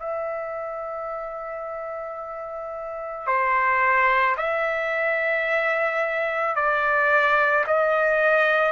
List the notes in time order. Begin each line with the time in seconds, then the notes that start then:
0.00 E5
3.27 C5
4.38 E5
6.56 D5
7.67 D#5